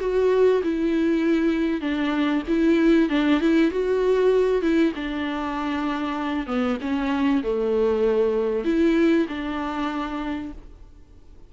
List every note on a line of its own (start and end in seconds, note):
0.00 0.62 F#4
0.63 1.81 E4
1.81 2.43 D4
2.48 3.10 E4
3.10 3.40 D4
3.41 3.71 E4
3.71 4.62 F#4
4.62 4.93 E4
4.95 6.46 D4
6.46 6.77 B3
6.81 7.43 C#4
7.43 8.65 A3
8.65 9.26 E4
9.28 10.52 D4